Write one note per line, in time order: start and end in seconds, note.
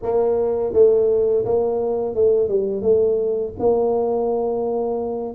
0.02 0.73 A#3
0.73 1.44 A3
1.45 2.15 A#3
2.15 2.48 A3
2.48 2.81 G3
2.81 3.53 A3
3.59 5.34 A#3